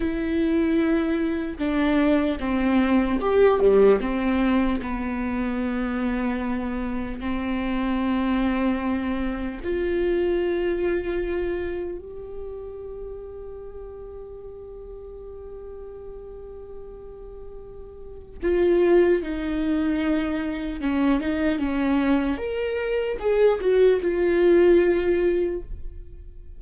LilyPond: \new Staff \with { instrumentName = "viola" } { \time 4/4 \tempo 4 = 75 e'2 d'4 c'4 | g'8 g8 c'4 b2~ | b4 c'2. | f'2. g'4~ |
g'1~ | g'2. f'4 | dis'2 cis'8 dis'8 cis'4 | ais'4 gis'8 fis'8 f'2 | }